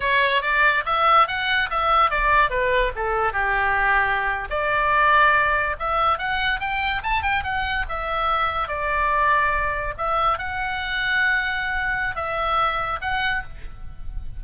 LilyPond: \new Staff \with { instrumentName = "oboe" } { \time 4/4 \tempo 4 = 143 cis''4 d''4 e''4 fis''4 | e''4 d''4 b'4 a'4 | g'2~ g'8. d''4~ d''16~ | d''4.~ d''16 e''4 fis''4 g''16~ |
g''8. a''8 g''8 fis''4 e''4~ e''16~ | e''8. d''2. e''16~ | e''8. fis''2.~ fis''16~ | fis''4 e''2 fis''4 | }